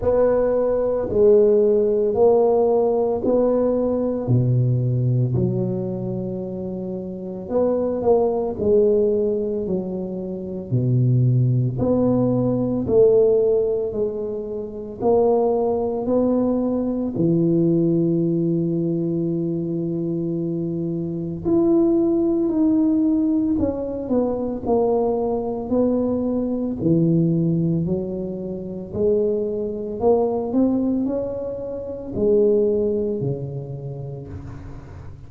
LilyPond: \new Staff \with { instrumentName = "tuba" } { \time 4/4 \tempo 4 = 56 b4 gis4 ais4 b4 | b,4 fis2 b8 ais8 | gis4 fis4 b,4 b4 | a4 gis4 ais4 b4 |
e1 | e'4 dis'4 cis'8 b8 ais4 | b4 e4 fis4 gis4 | ais8 c'8 cis'4 gis4 cis4 | }